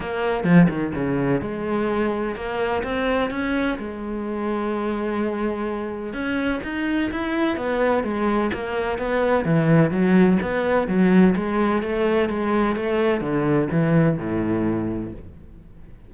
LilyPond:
\new Staff \with { instrumentName = "cello" } { \time 4/4 \tempo 4 = 127 ais4 f8 dis8 cis4 gis4~ | gis4 ais4 c'4 cis'4 | gis1~ | gis4 cis'4 dis'4 e'4 |
b4 gis4 ais4 b4 | e4 fis4 b4 fis4 | gis4 a4 gis4 a4 | d4 e4 a,2 | }